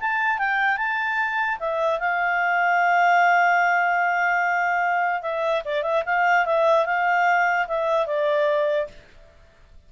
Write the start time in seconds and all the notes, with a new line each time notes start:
0.00 A5
0.38 G5
0.77 A5
1.59 E5
1.99 F5
5.22 E5
5.65 D5
5.83 E5
6.06 F5
6.46 E5
6.86 F5
7.68 E5
8.06 D5